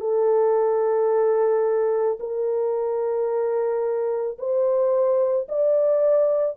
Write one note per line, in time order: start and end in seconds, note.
0.00 2.18 A4
2.19 4.37 A#4
4.38 5.47 C5
5.48 6.57 D5